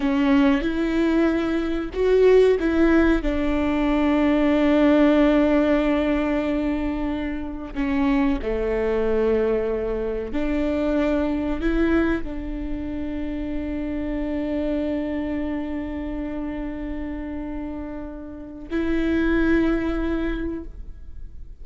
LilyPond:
\new Staff \with { instrumentName = "viola" } { \time 4/4 \tempo 4 = 93 cis'4 e'2 fis'4 | e'4 d'2.~ | d'1 | cis'4 a2. |
d'2 e'4 d'4~ | d'1~ | d'1~ | d'4 e'2. | }